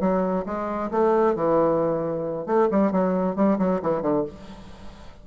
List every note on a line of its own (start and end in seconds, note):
0.00 0.45 F#3
0.46 0.90 G#3
0.91 1.35 A3
1.35 2.46 E3
2.46 2.68 A3
2.70 2.92 G3
2.92 3.36 F#3
3.36 3.58 G3
3.58 3.81 F#3
3.82 4.02 E3
4.02 4.24 D3